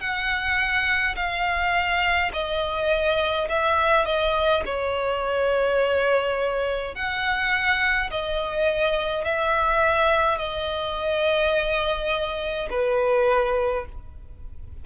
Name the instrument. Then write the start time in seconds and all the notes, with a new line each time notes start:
violin
0.00 F#5
1.16 F5
2.33 D#5
3.49 E5
4.05 D#5
4.66 C#5
6.95 F#5
8.10 D#5
9.25 E5
10.38 D#5
12.70 B4